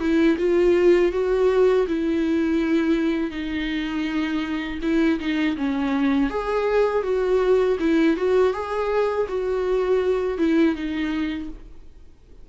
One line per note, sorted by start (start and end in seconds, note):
0.00 0.37 E4
0.38 1.12 F4
1.12 1.86 F#4
1.88 3.31 E4
3.31 4.79 D#4
4.82 5.19 E4
5.20 5.57 D#4
5.57 6.30 C#4
6.30 7.03 G#4
7.03 7.77 F#4
7.80 8.17 E4
8.17 8.53 F#4
8.53 9.27 G#4
9.28 10.38 F#4
10.38 10.75 E4
10.75 11.49 D#4